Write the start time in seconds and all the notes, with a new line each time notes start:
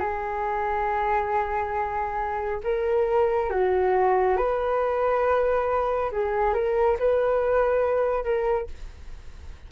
0.00 G#4
2.64 A#4
3.51 F#4
4.38 B4
6.12 G#4
6.54 A#4
7.00 B4
8.25 A#4